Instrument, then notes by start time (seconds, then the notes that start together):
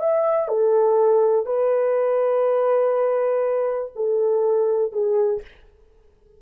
horn
0.00 E5
0.49 A4
1.46 B4
3.96 A4
4.93 G#4